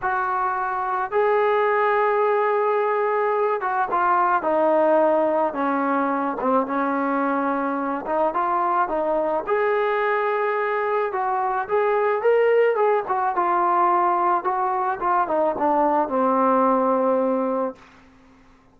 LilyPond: \new Staff \with { instrumentName = "trombone" } { \time 4/4 \tempo 4 = 108 fis'2 gis'2~ | gis'2~ gis'8 fis'8 f'4 | dis'2 cis'4. c'8 | cis'2~ cis'8 dis'8 f'4 |
dis'4 gis'2. | fis'4 gis'4 ais'4 gis'8 fis'8 | f'2 fis'4 f'8 dis'8 | d'4 c'2. | }